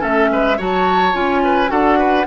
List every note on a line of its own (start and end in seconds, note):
0.00 0.30 A3
0.00 0.56 C#4
0.00 0.29 A4
0.00 0.59 E5
0.30 0.58 G#3
0.30 0.57 B4
0.57 1.14 F#3
0.57 1.13 F#4
0.57 1.41 C#5
0.57 1.15 A5
1.13 1.70 C#4
1.13 1.67 F4
1.13 1.70 G#5
1.43 1.70 B4
1.67 2.26 D4
1.67 2.23 F#4
1.67 1.98 A4
1.67 2.26 F#5
1.98 2.26 B4